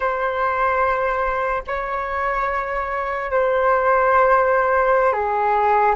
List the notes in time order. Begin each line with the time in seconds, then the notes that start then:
0.00 C5
1.67 C#5
3.31 C5
5.12 G#4